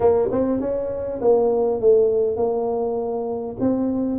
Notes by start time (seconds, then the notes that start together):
0.00 A#3
0.31 C4
0.60 C#4
1.21 A#3
1.80 A3
2.36 A#3
3.60 C4